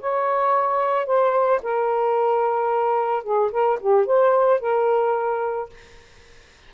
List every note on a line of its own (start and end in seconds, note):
0.00 1.06 C#5
1.06 1.60 C5
1.62 3.24 A#4
3.24 3.51 G#4
3.51 3.79 A#4
3.80 4.06 G4
4.06 4.60 C5
4.60 5.69 A#4